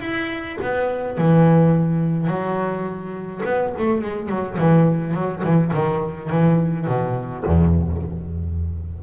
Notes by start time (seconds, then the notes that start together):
0.00 E4
0.61 B3
1.17 E3
2.27 F#3
3.45 B3
3.78 A3
4.01 G#3
4.29 F#3
4.58 E3
5.14 F#3
5.43 E3
5.73 D#3
6.29 E3
6.86 B2
7.45 E2